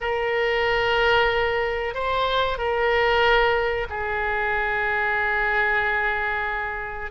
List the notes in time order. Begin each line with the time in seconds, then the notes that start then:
0.00 A#4
1.94 C5
2.58 A#4
3.89 G#4